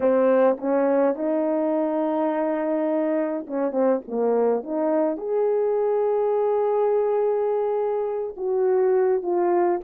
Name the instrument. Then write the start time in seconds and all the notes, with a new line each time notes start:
horn
0.00 C4
0.57 C#4
1.15 D#4
3.47 C#4
3.71 C4
4.07 A#3
4.63 D#4
5.17 G#4
8.36 F#4
9.22 F4